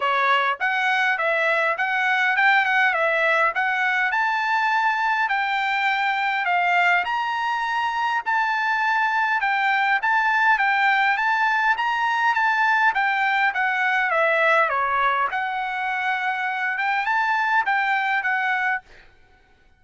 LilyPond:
\new Staff \with { instrumentName = "trumpet" } { \time 4/4 \tempo 4 = 102 cis''4 fis''4 e''4 fis''4 | g''8 fis''8 e''4 fis''4 a''4~ | a''4 g''2 f''4 | ais''2 a''2 |
g''4 a''4 g''4 a''4 | ais''4 a''4 g''4 fis''4 | e''4 cis''4 fis''2~ | fis''8 g''8 a''4 g''4 fis''4 | }